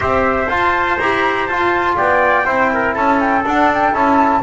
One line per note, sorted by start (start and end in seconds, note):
0.00 0.48 C4
0.00 0.46 G4
0.00 1.96 C5
0.00 0.49 E5
0.48 0.97 F4
0.48 0.98 F4
0.48 0.98 A5
0.98 1.47 E4
0.98 1.50 G4
0.98 1.47 A#5
1.47 1.97 F4
1.47 2.44 F4
1.47 1.96 A5
1.96 2.46 B3
1.96 2.45 D5
1.96 2.95 G5
2.44 2.95 C4
2.44 3.43 E4
2.44 2.70 C5
2.73 2.93 A#4
2.93 3.44 C#4
2.93 4.41 A4
2.93 3.19 A5
3.19 3.44 G5
3.45 3.94 D4
3.45 3.93 D4
3.45 3.72 F#5
3.74 3.94 G5
3.93 4.42 C#4
3.93 4.42 E4
3.93 4.42 A5